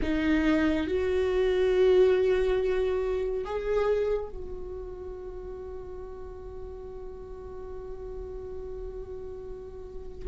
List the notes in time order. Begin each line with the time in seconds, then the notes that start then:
0.02 D#4
0.87 F#4
3.44 G#4
4.29 F#4